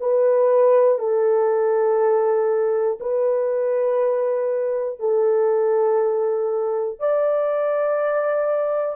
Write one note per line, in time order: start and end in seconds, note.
0.00 0.99 B4
0.99 2.99 A4
3.00 5.00 B4
5.00 7.00 A4
7.00 8.96 D5